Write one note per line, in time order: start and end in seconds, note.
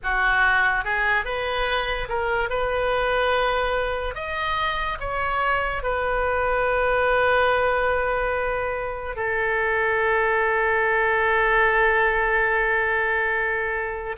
0.03 0.84 F#4
0.84 1.24 G#4
1.24 2.08 B4
2.08 2.49 A#4
2.49 4.14 B4
4.14 4.98 D#5
5.00 5.83 C#5
5.83 9.16 B4
9.16 14.16 A4